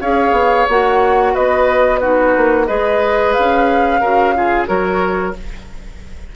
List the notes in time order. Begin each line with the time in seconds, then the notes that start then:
0.00 C#4 G#4 C#5 F5
0.32 B3
0.68 A#3 F#4 F#5
1.33 B3 B4 D#5
1.97 D#4 F#4 B4
2.36 A#3
2.66 G#3 G#4 B4 D#5
3.32 C#4 F5
4.00 C#3 F#4 A#4
4.35 F4 G#4
4.66 F#3 F#4 A#4 C#5